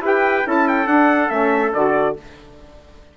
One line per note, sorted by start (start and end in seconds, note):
0.00 0.42 E4
0.00 0.43 G4
0.00 0.47 B4
0.07 0.49 G5
0.43 0.86 C#4
0.43 0.86 E4
0.43 2.16 A4
0.50 0.68 A5
0.68 0.87 G5
0.86 1.29 D4
0.86 1.30 D4
0.86 1.29 F#5
1.30 1.73 A3
1.30 1.72 C#4
1.30 1.72 E5
1.74 2.17 D3
1.74 2.17 F#4
1.74 2.16 D5